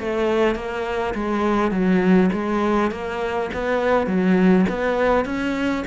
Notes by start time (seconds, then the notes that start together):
0.00 A3
0.56 A#3
1.15 G#3
1.72 F#3
2.33 G#3
2.91 A#3
3.54 B3
4.07 F#3
4.70 B3
5.26 C#4